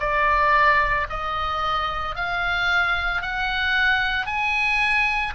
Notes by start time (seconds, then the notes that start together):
0.00 D5
1.10 D#5
2.15 F5
3.22 F#5
4.27 G#5